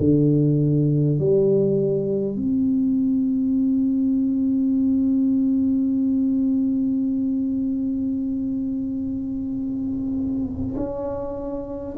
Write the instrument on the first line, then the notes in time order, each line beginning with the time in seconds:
tuba
0.00 D3
1.19 G3
2.36 C4
10.77 C#4